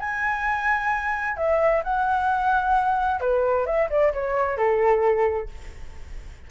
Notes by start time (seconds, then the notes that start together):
0.00 G#5
1.37 E5
1.84 F#5
3.21 B4
3.66 E5
3.90 D5
4.13 C#5
4.57 A4